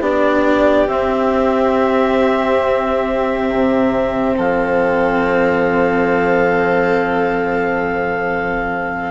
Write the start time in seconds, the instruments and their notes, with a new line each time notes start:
0.00 bassoon B3, cello D4, violin G4, clarinet D5
0.87 bassoon C4, cello C4, clarinet E5
3.49 bassoon C3
4.37 bassoon F3, violin A4, clarinet F5